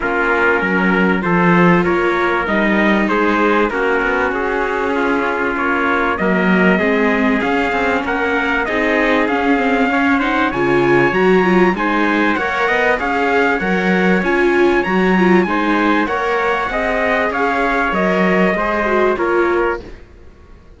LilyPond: <<
  \new Staff \with { instrumentName = "trumpet" } { \time 4/4 \tempo 4 = 97 ais'2 c''4 cis''4 | dis''4 c''4 ais'4 gis'4~ | gis'4 cis''4 dis''2 | f''4 fis''4 dis''4 f''4~ |
f''8 fis''8 gis''4 ais''4 gis''4 | fis''4 f''4 fis''4 gis''4 | ais''4 gis''4 fis''2 | f''4 dis''2 cis''4 | }
  \new Staff \with { instrumentName = "trumpet" } { \time 4/4 f'4 ais'4 a'4 ais'4~ | ais'4 gis'4 fis'2 | f'2 ais'4 gis'4~ | gis'4 ais'4 gis'2 |
cis''8 c''8 cis''2 c''4 | cis''8 dis''8 cis''2.~ | cis''4 c''4 cis''4 dis''4 | cis''2 c''4 ais'4 | }
  \new Staff \with { instrumentName = "viola" } { \time 4/4 cis'2 f'2 | dis'2 cis'2~ | cis'2 ais4 c'4 | cis'2 dis'4 cis'8 c'8 |
cis'8 dis'8 f'4 fis'8 f'8 dis'4 | ais'4 gis'4 ais'4 f'4 | fis'8 f'8 dis'4 ais'4 gis'4~ | gis'4 ais'4 gis'8 fis'8 f'4 | }
  \new Staff \with { instrumentName = "cello" } { \time 4/4 ais4 fis4 f4 ais4 | g4 gis4 ais8 b8 cis'4~ | cis'4 ais4 fis4 gis4 | cis'8 c'8 ais4 c'4 cis'4~ |
cis'4 cis4 fis4 gis4 | ais8 b8 cis'4 fis4 cis'4 | fis4 gis4 ais4 c'4 | cis'4 fis4 gis4 ais4 | }
>>